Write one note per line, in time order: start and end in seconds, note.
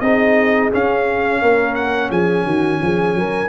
0.00 0.71 C4
0.00 0.72 D#4
0.00 1.42 G#4
0.00 0.70 D#5
0.72 3.49 C#4
0.72 1.42 C#4
0.72 1.75 F5
1.42 2.11 A#3
1.42 2.10 A#4
1.75 2.10 F#5
2.10 2.45 F3
2.10 2.45 G#4
2.10 3.49 G#5
2.45 2.80 D#3
2.45 2.80 F#4
2.82 3.15 F3
2.82 3.18 G#4
3.15 3.49 F#3
3.15 3.49 A#4